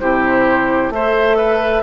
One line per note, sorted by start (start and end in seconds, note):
0.00 0.90 C3
0.00 0.93 E4
0.00 0.94 G4
0.00 0.92 C5
0.90 1.82 A3
0.90 1.83 A4
0.90 1.37 C5
0.90 1.83 E5
1.37 1.83 B4